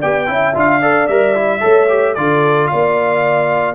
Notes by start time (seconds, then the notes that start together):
0.00 B3 G4 D5 G5
0.27 C#4 E4 E5
0.55 D4 F4 F5
0.81 A4 D5
1.08 G3 A#4 E5
1.35 E4
1.61 A3 A4 C#5
1.89 G4
2.15 D3 F4 A4 D5
2.68 A#3 D5 F5